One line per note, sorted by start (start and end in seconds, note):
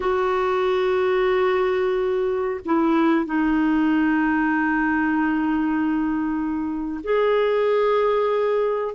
0.00 2.60 F#4
2.65 3.25 E4
3.25 7.00 D#4
7.03 8.94 G#4